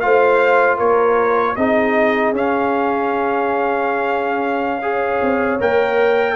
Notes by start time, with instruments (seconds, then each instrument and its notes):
0.00 tuba A3, trombone F4, horn C5, trumpet F5
0.77 tuba A#3, horn A#4, trumpet C#5
1.56 tuba C4, trombone D#4, horn G#4, trumpet D#5
2.31 tuba C#4, trombone C#4, trumpet F5
4.82 trombone G#4, horn C#5
5.22 tuba C4
5.60 tuba A#3, trombone A#4, trumpet G5